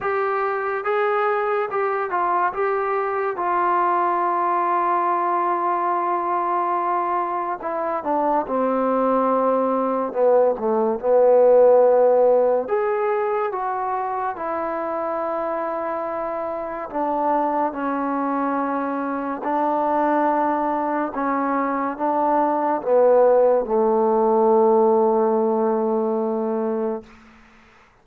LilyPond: \new Staff \with { instrumentName = "trombone" } { \time 4/4 \tempo 4 = 71 g'4 gis'4 g'8 f'8 g'4 | f'1~ | f'4 e'8 d'8 c'2 | b8 a8 b2 gis'4 |
fis'4 e'2. | d'4 cis'2 d'4~ | d'4 cis'4 d'4 b4 | a1 | }